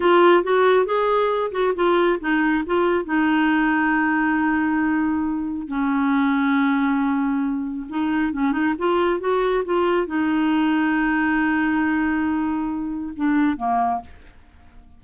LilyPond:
\new Staff \with { instrumentName = "clarinet" } { \time 4/4 \tempo 4 = 137 f'4 fis'4 gis'4. fis'8 | f'4 dis'4 f'4 dis'4~ | dis'1~ | dis'4 cis'2.~ |
cis'2 dis'4 cis'8 dis'8 | f'4 fis'4 f'4 dis'4~ | dis'1~ | dis'2 d'4 ais4 | }